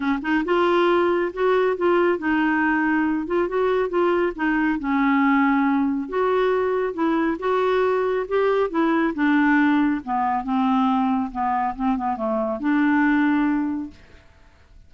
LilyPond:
\new Staff \with { instrumentName = "clarinet" } { \time 4/4 \tempo 4 = 138 cis'8 dis'8 f'2 fis'4 | f'4 dis'2~ dis'8 f'8 | fis'4 f'4 dis'4 cis'4~ | cis'2 fis'2 |
e'4 fis'2 g'4 | e'4 d'2 b4 | c'2 b4 c'8 b8 | a4 d'2. | }